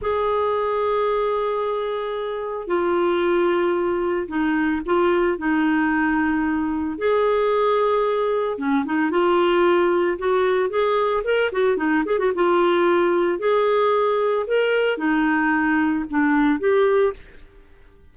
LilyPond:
\new Staff \with { instrumentName = "clarinet" } { \time 4/4 \tempo 4 = 112 gis'1~ | gis'4 f'2. | dis'4 f'4 dis'2~ | dis'4 gis'2. |
cis'8 dis'8 f'2 fis'4 | gis'4 ais'8 fis'8 dis'8 gis'16 fis'16 f'4~ | f'4 gis'2 ais'4 | dis'2 d'4 g'4 | }